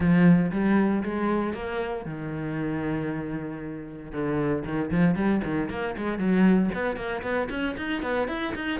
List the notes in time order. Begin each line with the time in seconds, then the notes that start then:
0.00 F3
0.51 G3
1.03 G#3
1.53 A#3
2.05 D#3
4.11 D3
4.64 D#3
4.90 F3
5.15 G3
5.44 D#3
5.69 A#3
5.97 G#3
6.18 F#3
6.74 B3
6.96 A#3
7.22 B3
7.50 C#4
7.77 D#4
8.02 B3
8.28 E4
8.55 D#4